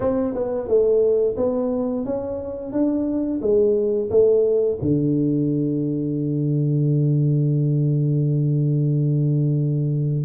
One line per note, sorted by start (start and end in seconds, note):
0.00 0.34 C4
0.34 0.68 B3
0.68 1.36 A3
1.36 2.05 B3
2.05 2.72 C#4
2.72 3.40 D4
3.41 4.09 G#3
4.10 4.78 A3
4.81 10.24 D3